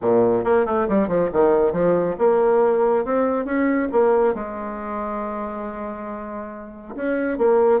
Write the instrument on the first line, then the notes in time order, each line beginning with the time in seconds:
bassoon
0.01 A#2
0.44 A#3
0.65 A3
0.88 G3
1.08 F3
1.32 D#3
1.72 F3
2.18 A#3
3.04 C4
3.45 C#4
3.92 A#3
4.34 G#3
6.95 C#4
7.38 A#3